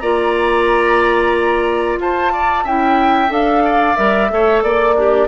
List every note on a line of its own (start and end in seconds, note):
0.00 1.98 A#3
0.00 2.67 F4
0.00 2.00 D5
0.00 1.98 A#5
1.98 2.64 F4
1.98 2.33 C5
1.98 2.67 A5
2.33 2.64 D5
2.64 3.30 C#4
2.64 3.29 E4
2.64 3.63 E5
2.64 3.33 G5
3.29 3.96 D4
3.29 3.95 A4
3.29 3.96 F5
3.66 4.31 D5
3.96 4.31 G3
3.96 4.30 A#4
3.96 4.62 E5
4.30 4.63 A3
4.30 4.96 A4
4.30 4.64 C#5
4.63 5.28 A#3
4.63 5.28 D5
4.63 4.95 D5
4.95 5.28 D4
4.95 5.28 G4